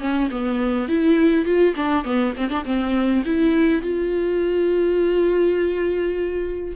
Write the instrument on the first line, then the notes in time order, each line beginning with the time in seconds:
viola
0.00 C#4
0.31 B3
0.88 E4
1.45 F4
1.76 D4
2.04 B3
2.37 C4
2.49 D4
2.65 C4
3.25 E4
3.82 F4